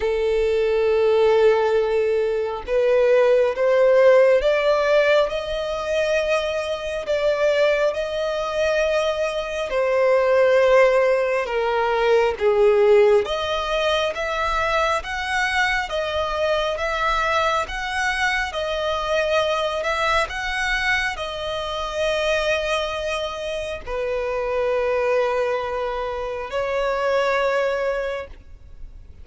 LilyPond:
\new Staff \with { instrumentName = "violin" } { \time 4/4 \tempo 4 = 68 a'2. b'4 | c''4 d''4 dis''2 | d''4 dis''2 c''4~ | c''4 ais'4 gis'4 dis''4 |
e''4 fis''4 dis''4 e''4 | fis''4 dis''4. e''8 fis''4 | dis''2. b'4~ | b'2 cis''2 | }